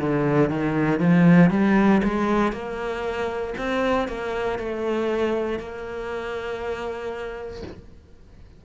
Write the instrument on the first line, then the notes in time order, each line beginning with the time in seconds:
cello
0.00 D3
0.50 D#3
1.00 F3
1.51 G3
2.04 G#3
2.52 A#3
3.58 C4
4.08 A#3
4.59 A3
5.59 A#3